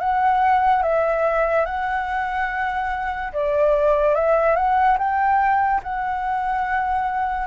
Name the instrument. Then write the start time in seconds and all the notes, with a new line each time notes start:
flute
0.00 F#5
0.83 E5
1.66 F#5
3.33 D5
4.15 E5
4.56 F#5
4.98 G5
5.83 F#5